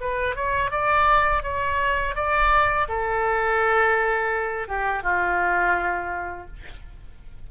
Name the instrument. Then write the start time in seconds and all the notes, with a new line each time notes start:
oboe
0.00 B4
0.35 C#5
0.70 D5
1.43 C#5
2.15 D5
2.88 A4
4.68 G4
5.02 F4